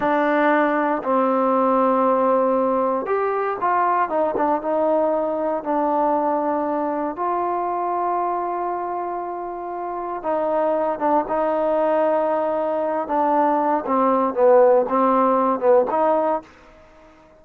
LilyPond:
\new Staff \with { instrumentName = "trombone" } { \time 4/4 \tempo 4 = 117 d'2 c'2~ | c'2 g'4 f'4 | dis'8 d'8 dis'2 d'4~ | d'2 f'2~ |
f'1 | dis'4. d'8 dis'2~ | dis'4. d'4. c'4 | b4 c'4. b8 dis'4 | }